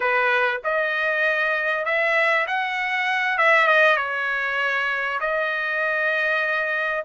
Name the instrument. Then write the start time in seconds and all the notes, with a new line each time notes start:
trumpet
0.00 B4
0.64 D#5
1.85 E5
2.47 F#5
3.38 E5
3.67 D#5
3.97 C#5
5.20 D#5